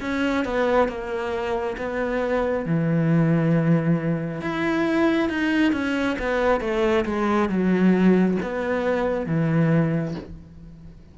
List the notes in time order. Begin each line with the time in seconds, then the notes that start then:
0.00 C#4
0.45 B3
0.88 A#3
1.77 B3
2.65 E3
4.41 E4
5.29 D#4
5.72 C#4
6.18 B3
6.60 A3
7.05 G#3
7.48 F#3
8.42 B3
9.26 E3